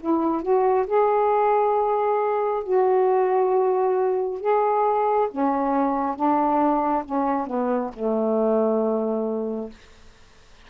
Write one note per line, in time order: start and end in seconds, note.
0.00 0.42 E4
0.42 0.86 F#4
0.86 2.63 G#4
2.63 4.40 F#4
4.40 5.28 G#4
5.31 6.15 C#4
6.15 7.03 D4
7.05 7.46 C#4
7.46 7.91 B3
7.93 9.70 A3